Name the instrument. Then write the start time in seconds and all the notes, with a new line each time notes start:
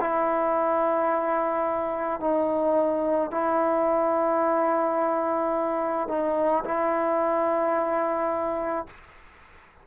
trombone
0.00 E4
2.20 D#4
3.31 E4
6.08 D#4
6.65 E4